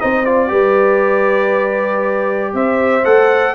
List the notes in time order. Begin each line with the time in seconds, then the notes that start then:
0.00 C4 D#4 C5 D#5
0.25 F4 D5
0.48 G3 G4 B4
2.53 C4 C5 E5
3.04 A3 A4 F#5